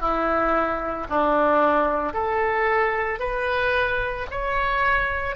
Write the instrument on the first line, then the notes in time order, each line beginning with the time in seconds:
oboe
0.00 E4
1.10 D4
2.13 A4
3.19 B4
4.31 C#5